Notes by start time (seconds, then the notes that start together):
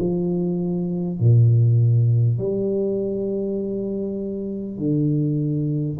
0.00 F3
1.19 A#2
2.39 G3
4.78 D3